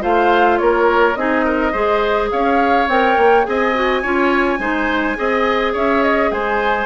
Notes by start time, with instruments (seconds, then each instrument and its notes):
0.00 bassoon A3, clarinet F4, oboe C5, flute F5
0.58 bassoon A#3, oboe A#4, flute C#5
1.15 bassoon C4, clarinet D#4, oboe G#4, flute D#5
1.44 oboe A#4
1.72 bassoon G#3, clarinet G#4, oboe C5
2.31 bassoon C#4, oboe C#5, flute F5
2.87 bassoon C4, clarinet A#4, flute G5
3.17 bassoon A#3
3.43 bassoon C4, clarinet G#4, oboe D#5, flute G#5
3.74 clarinet F#4
4.02 bassoon C#4, clarinet F4, oboe C#5
4.58 bassoon G#3, clarinet D#4, oboe C5
5.15 bassoon C4, clarinet G#4, oboe D#5
5.72 bassoon C#4, oboe C#5, flute E5
6.02 flute D#5
6.30 bassoon G#3, oboe C5, flute G#5